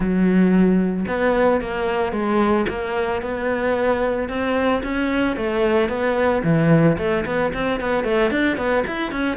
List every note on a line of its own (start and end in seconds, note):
0.00 1.05 F#3
1.07 1.61 B3
1.61 2.12 A#3
2.12 2.65 G#3
2.68 3.21 A#3
3.21 4.29 B3
4.29 4.82 C4
4.83 5.36 C#4
5.36 5.89 A3
5.89 6.42 B3
6.43 6.97 E3
6.98 7.24 A3
7.25 7.52 B3
7.53 7.80 C4
7.80 8.04 B3
8.04 8.30 A3
8.30 8.57 D4
8.57 8.84 B3
8.86 9.11 E4
9.11 9.37 C#4